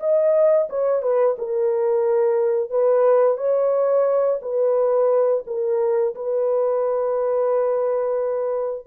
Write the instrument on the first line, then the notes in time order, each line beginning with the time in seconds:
horn
0.00 D#5
0.70 C#5
1.02 B4
1.39 A#4
2.70 B4
3.37 C#5
4.42 B4
5.47 A#4
6.15 B4